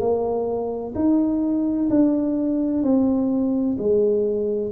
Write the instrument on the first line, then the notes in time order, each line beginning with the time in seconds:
tuba
0.00 A#3
0.95 D#4
1.90 D4
2.83 C4
3.78 G#3